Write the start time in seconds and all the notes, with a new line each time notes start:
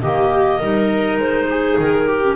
0.00 D#3 A#3 G4 D#5
0.59 G3 D#4 A#4
1.17 G#3 C5
1.50 G#4
1.78 D#3 A#4
2.08 G4
2.22 C#4